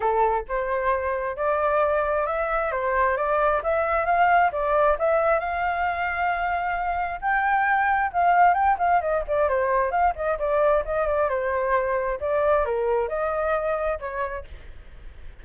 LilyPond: \new Staff \with { instrumentName = "flute" } { \time 4/4 \tempo 4 = 133 a'4 c''2 d''4~ | d''4 e''4 c''4 d''4 | e''4 f''4 d''4 e''4 | f''1 |
g''2 f''4 g''8 f''8 | dis''8 d''8 c''4 f''8 dis''8 d''4 | dis''8 d''8 c''2 d''4 | ais'4 dis''2 cis''4 | }